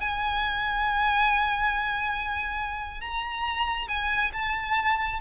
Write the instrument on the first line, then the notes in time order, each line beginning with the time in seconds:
violin
0.00 G#5
3.00 A#5
3.88 G#5
4.33 A5